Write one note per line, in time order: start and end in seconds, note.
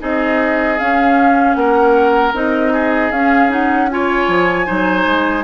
0.00 0.79 C4
0.00 0.78 D#4
0.00 1.57 G#4
0.00 0.79 D#5
0.79 2.34 C#4
0.79 1.55 C#4
0.79 1.54 F5
1.54 2.33 A#3
1.54 2.73 A#4
1.54 2.32 F#5
2.33 3.11 C4
2.33 3.12 D#4
2.33 3.12 D#5
2.73 3.90 G#4
3.11 4.28 C#4
3.11 3.49 C#4
3.11 3.51 F5
3.49 3.88 D#4
3.49 3.90 F#5
3.90 4.66 F4
3.90 4.66 C#5
3.90 5.44 G#5
4.28 4.67 F3
4.66 5.06 F#3
4.66 5.44 D#4
4.66 5.44 C5
5.06 5.44 G#3